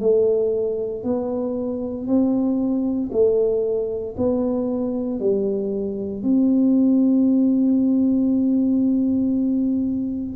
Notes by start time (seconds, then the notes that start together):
0.00 A3
1.03 B3
2.06 C4
3.12 A3
4.17 B3
5.20 G3
6.23 C4